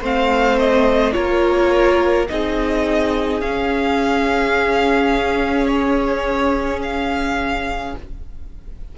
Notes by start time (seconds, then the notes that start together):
0.00 A3 C4 C5 F5
0.59 D#5
1.12 A#3 F4 A#4 C#5
2.29 C4 D#4 G#4 D#5
3.41 C#4 F5
5.67 C#5
6.82 F5